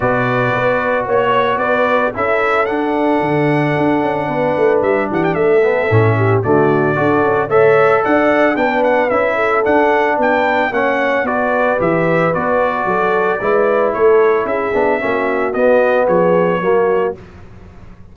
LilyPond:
<<
  \new Staff \with { instrumentName = "trumpet" } { \time 4/4 \tempo 4 = 112 d''2 cis''4 d''4 | e''4 fis''2.~ | fis''4 e''8 fis''16 g''16 e''2 | d''2 e''4 fis''4 |
g''8 fis''8 e''4 fis''4 g''4 | fis''4 d''4 e''4 d''4~ | d''2 cis''4 e''4~ | e''4 dis''4 cis''2 | }
  \new Staff \with { instrumentName = "horn" } { \time 4/4 b'2 cis''4 b'4 | a'1 | b'4. g'8 a'4. g'8 | fis'4 a'4 cis''4 d''4 |
b'4. a'4. b'4 | cis''4 b'2. | a'4 b'4 a'4 gis'4 | fis'2 gis'4 fis'4 | }
  \new Staff \with { instrumentName = "trombone" } { \time 4/4 fis'1 | e'4 d'2.~ | d'2~ d'8 b8 cis'4 | a4 fis'4 a'2 |
d'4 e'4 d'2 | cis'4 fis'4 g'4 fis'4~ | fis'4 e'2~ e'8 d'8 | cis'4 b2 ais4 | }
  \new Staff \with { instrumentName = "tuba" } { \time 4/4 b,4 b4 ais4 b4 | cis'4 d'4 d4 d'8 cis'8 | b8 a8 g8 e8 a4 a,4 | d4 d'8 cis'8 a4 d'4 |
b4 cis'4 d'4 b4 | ais4 b4 e4 b4 | fis4 gis4 a4 cis'8 b8 | ais4 b4 f4 fis4 | }
>>